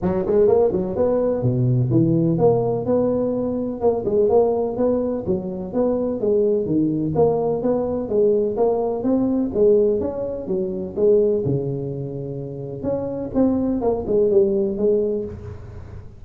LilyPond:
\new Staff \with { instrumentName = "tuba" } { \time 4/4 \tempo 4 = 126 fis8 gis8 ais8 fis8 b4 b,4 | e4 ais4 b2 | ais8 gis8 ais4 b4 fis4 | b4 gis4 dis4 ais4 |
b4 gis4 ais4 c'4 | gis4 cis'4 fis4 gis4 | cis2. cis'4 | c'4 ais8 gis8 g4 gis4 | }